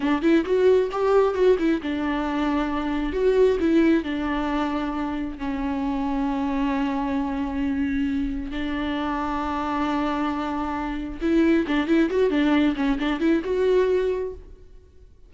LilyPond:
\new Staff \with { instrumentName = "viola" } { \time 4/4 \tempo 4 = 134 d'8 e'8 fis'4 g'4 fis'8 e'8 | d'2. fis'4 | e'4 d'2. | cis'1~ |
cis'2. d'4~ | d'1~ | d'4 e'4 d'8 e'8 fis'8 d'8~ | d'8 cis'8 d'8 e'8 fis'2 | }